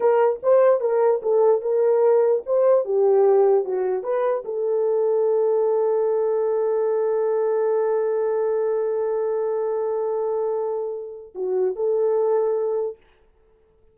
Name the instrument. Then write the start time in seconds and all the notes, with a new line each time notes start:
horn
0.00 A#4
0.42 C5
0.80 A#4
1.22 A4
1.61 A#4
2.45 C5
2.84 G4
3.64 F#4
4.03 B4
4.44 A4
11.35 F#4
11.75 A4